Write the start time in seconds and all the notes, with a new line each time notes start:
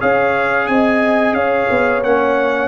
0.00 C#4 G#4 C#5 F5
0.67 C4 D#5 G#5
1.34 C#4 C#5 F5
1.71 B3
2.03 A#3 C#4 F#5